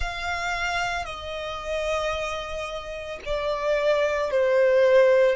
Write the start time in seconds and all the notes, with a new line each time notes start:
0.00 F5
1.05 D#5
3.25 D5
4.31 C5